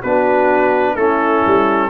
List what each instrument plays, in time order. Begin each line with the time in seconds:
0.00 tuba B3, trombone D4, horn F#4, trumpet B4
0.95 tuba A3, trombone C#4, horn E4, trumpet A4
1.46 tuba G3